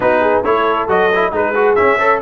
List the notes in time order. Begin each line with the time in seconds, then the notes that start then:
0.00 B3 D#4 F#4 B4
0.21 G#4
0.43 A3 E4 A4 C#5
0.88 F#3 F#4 D#5
1.14 E4
1.31 G#3 D#4 G#4 B4
1.55 F#4
1.75 C#4 E5
1.99 A4 C#5